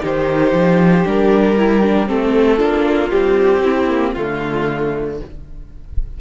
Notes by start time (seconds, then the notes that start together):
0.00 D#3 D#4 G4 C5
0.53 F3
1.04 G3 D4 A#4
1.57 E4
1.82 D4
2.06 A3 C4 A4
2.56 A#3 D4 F4
3.10 G3 C4 G4
3.64 C4 E4
3.90 A#3
4.12 D3 A3 F4